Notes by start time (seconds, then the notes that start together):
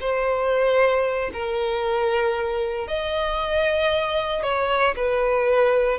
0.00 C5
1.33 A#4
2.88 D#5
4.43 C#5
4.96 B4